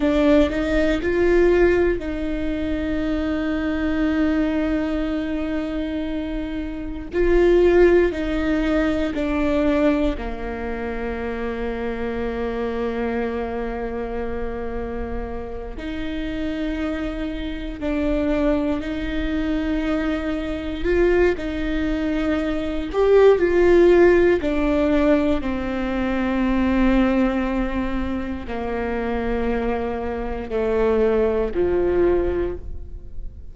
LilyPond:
\new Staff \with { instrumentName = "viola" } { \time 4/4 \tempo 4 = 59 d'8 dis'8 f'4 dis'2~ | dis'2. f'4 | dis'4 d'4 ais2~ | ais2.~ ais8 dis'8~ |
dis'4. d'4 dis'4.~ | dis'8 f'8 dis'4. g'8 f'4 | d'4 c'2. | ais2 a4 f4 | }